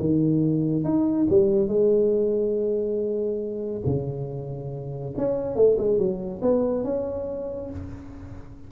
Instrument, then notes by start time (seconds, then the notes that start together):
tuba
0.00 D#3
0.84 D#4
1.30 G3
1.68 G#3
3.86 C#3
5.18 C#4
5.56 A3
5.78 G#3
5.98 F#3
6.42 B3
6.85 C#4